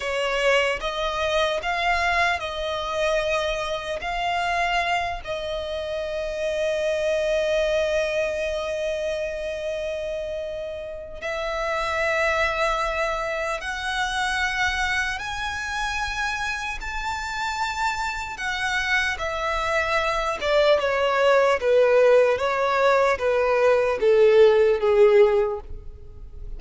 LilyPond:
\new Staff \with { instrumentName = "violin" } { \time 4/4 \tempo 4 = 75 cis''4 dis''4 f''4 dis''4~ | dis''4 f''4. dis''4.~ | dis''1~ | dis''2 e''2~ |
e''4 fis''2 gis''4~ | gis''4 a''2 fis''4 | e''4. d''8 cis''4 b'4 | cis''4 b'4 a'4 gis'4 | }